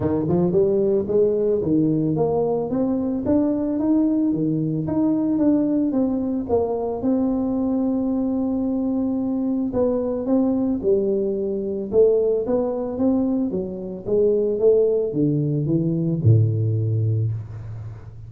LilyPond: \new Staff \with { instrumentName = "tuba" } { \time 4/4 \tempo 4 = 111 dis8 f8 g4 gis4 dis4 | ais4 c'4 d'4 dis'4 | dis4 dis'4 d'4 c'4 | ais4 c'2.~ |
c'2 b4 c'4 | g2 a4 b4 | c'4 fis4 gis4 a4 | d4 e4 a,2 | }